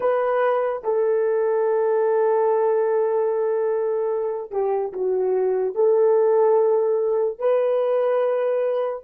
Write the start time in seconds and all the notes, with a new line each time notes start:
0.00 B4
0.83 A4
4.51 G4
4.92 F#4
5.74 A4
7.38 B4